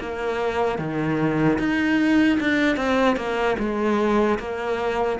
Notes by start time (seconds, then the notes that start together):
0.00 A#3
0.78 D#3
1.59 D#4
2.40 D4
2.76 C4
3.16 A#3
3.59 G#3
4.39 A#3